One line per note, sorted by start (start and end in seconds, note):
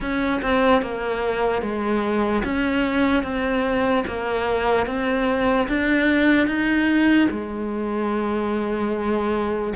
0.00 0.41 C#4
0.42 0.81 C4
0.81 1.61 A#3
1.61 2.43 G#3
2.44 3.23 C#4
3.23 4.04 C4
4.06 4.86 A#3
4.86 5.67 C4
5.68 6.46 D4
6.46 7.28 D#4
7.30 9.73 G#3